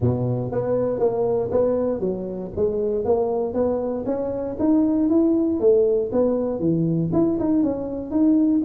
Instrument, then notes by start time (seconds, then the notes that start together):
tuba
0.00 B2
0.51 B3
0.99 A#3
1.51 B3
1.99 F#3
2.56 G#3
3.04 A#3
3.53 B3
4.05 C#4
4.59 D#4
5.09 E4
5.60 A3
6.12 B3
6.59 E3
7.13 E4
7.39 D#4
7.63 C#4
8.10 D#4